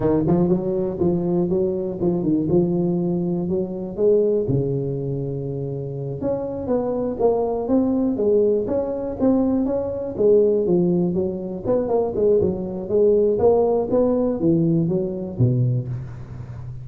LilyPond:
\new Staff \with { instrumentName = "tuba" } { \time 4/4 \tempo 4 = 121 dis8 f8 fis4 f4 fis4 | f8 dis8 f2 fis4 | gis4 cis2.~ | cis8 cis'4 b4 ais4 c'8~ |
c'8 gis4 cis'4 c'4 cis'8~ | cis'8 gis4 f4 fis4 b8 | ais8 gis8 fis4 gis4 ais4 | b4 e4 fis4 b,4 | }